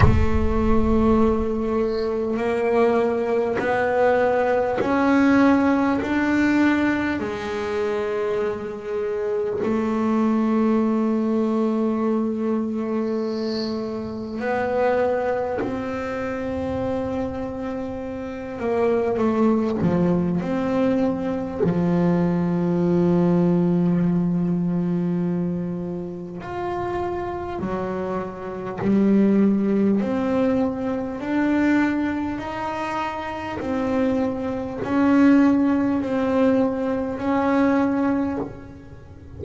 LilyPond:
\new Staff \with { instrumentName = "double bass" } { \time 4/4 \tempo 4 = 50 a2 ais4 b4 | cis'4 d'4 gis2 | a1 | b4 c'2~ c'8 ais8 |
a8 f8 c'4 f2~ | f2 f'4 fis4 | g4 c'4 d'4 dis'4 | c'4 cis'4 c'4 cis'4 | }